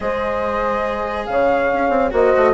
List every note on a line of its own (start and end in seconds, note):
0.00 1.28 G#3
0.00 2.11 G#4
0.00 1.28 C5
0.00 1.26 D#5
1.26 1.71 C#3
1.26 2.12 C#5
1.26 2.11 F5
1.73 1.89 C#4
1.89 2.10 C4
2.11 2.34 A#3
2.11 2.53 F#4
2.11 2.53 C5
2.11 2.53 D#5
2.36 2.53 A3